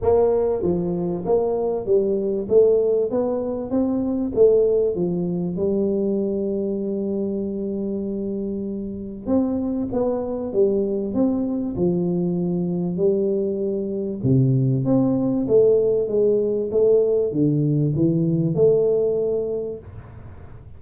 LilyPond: \new Staff \with { instrumentName = "tuba" } { \time 4/4 \tempo 4 = 97 ais4 f4 ais4 g4 | a4 b4 c'4 a4 | f4 g2.~ | g2. c'4 |
b4 g4 c'4 f4~ | f4 g2 c4 | c'4 a4 gis4 a4 | d4 e4 a2 | }